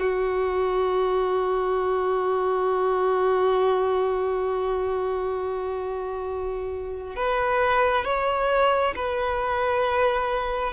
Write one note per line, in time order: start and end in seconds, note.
0.00 7.16 F#4
7.16 8.05 B4
8.05 8.95 C#5
8.96 10.73 B4